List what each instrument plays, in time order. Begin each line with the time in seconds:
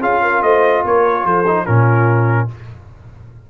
0.00 tuba C#4, trombone F4, horn G#4, trumpet F5
0.22 horn A#4
0.42 tuba A3, horn C5, trumpet D#5
0.84 tuba A#3, horn A#4, trumpet C#5
1.24 tuba F3, horn A4, trumpet C5
1.46 trombone D#4
1.63 tuba A#2, trombone C#4, horn F4, trumpet A#4